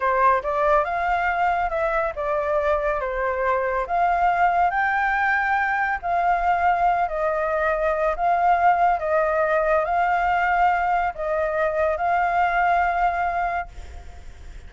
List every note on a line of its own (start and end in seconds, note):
0.00 0.42 C5
0.43 0.84 D5
0.84 1.69 F5
1.69 2.12 E5
2.15 3.00 D5
3.00 3.86 C5
3.86 4.70 F5
4.70 5.99 G5
6.02 7.08 F5
7.08 8.15 D#5
8.16 8.99 F5
8.99 9.85 D#5
9.85 11.13 F5
11.14 11.97 D#5
11.97 13.68 F5